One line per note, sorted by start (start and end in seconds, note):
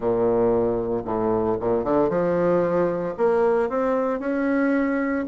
0.00 1.03 A#2
1.04 1.57 A2
1.60 1.83 A#2
1.83 2.09 D3
2.09 3.14 F3
3.17 3.69 A#3
3.69 4.19 C4
4.19 5.25 C#4